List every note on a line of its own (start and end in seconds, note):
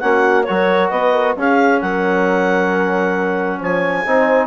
0.00 0.48 A#3
0.00 0.46 C#4
0.00 0.46 F#4
0.00 0.44 F#5
0.44 0.91 F#3
0.44 1.37 F#4
0.44 0.90 A#4
0.44 0.89 C#5
0.90 1.36 B3
0.90 1.13 B4
0.90 1.35 D#5
1.13 1.35 A#4
1.36 1.81 C#4
1.36 4.06 C#4
1.36 1.82 G#4
1.36 1.81 F5
1.81 3.61 F#3
1.81 3.59 A#4
1.81 3.60 F#5
3.59 4.06 F3
3.59 4.04 C#5
3.59 4.47 G#5
4.06 4.47 C4
4.06 4.47 D#4
4.06 4.47 C5